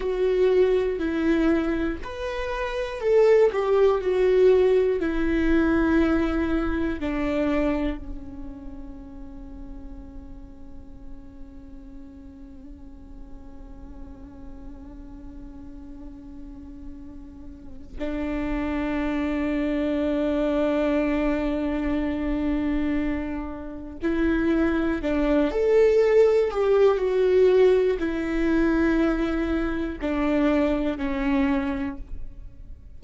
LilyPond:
\new Staff \with { instrumentName = "viola" } { \time 4/4 \tempo 4 = 60 fis'4 e'4 b'4 a'8 g'8 | fis'4 e'2 d'4 | cis'1~ | cis'1~ |
cis'2 d'2~ | d'1 | e'4 d'8 a'4 g'8 fis'4 | e'2 d'4 cis'4 | }